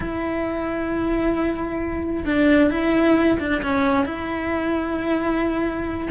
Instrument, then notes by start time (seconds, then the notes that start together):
cello
0.00 E4
2.25 D4
2.70 E4
3.39 D4
3.62 C#4
4.05 E4